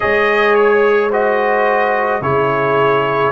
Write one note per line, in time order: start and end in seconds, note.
0.00 2.20 G#3
0.00 1.10 G#4
0.00 1.09 C#5
0.00 0.54 D#5
0.54 1.10 C#5
1.09 2.22 F#4
1.09 2.20 C5
1.09 2.22 D#5
2.20 3.31 C#3
2.20 3.32 E4
2.20 3.32 G#4
2.20 3.32 C#5